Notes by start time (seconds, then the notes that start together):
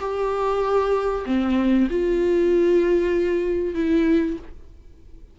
0.00 G4
1.26 C4
1.90 F4
3.75 E4